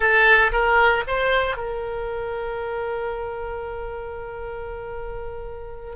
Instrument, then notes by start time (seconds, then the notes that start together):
oboe
0.00 A4
0.51 A#4
1.07 C5
1.56 A#4